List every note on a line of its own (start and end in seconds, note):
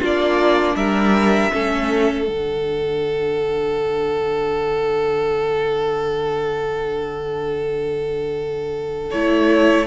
0.00 0.76 A#3
0.00 1.53 D4
0.00 0.76 F4
0.06 0.76 D5
0.76 1.52 G3
0.76 1.53 A#4
0.76 2.27 E5
1.53 2.29 A3
1.53 2.27 C#4
1.53 9.87 A4
2.27 9.12 D3
2.27 9.11 D4
2.27 9.10 F#5
9.11 9.87 A3
9.11 9.87 E4
9.11 9.87 C#5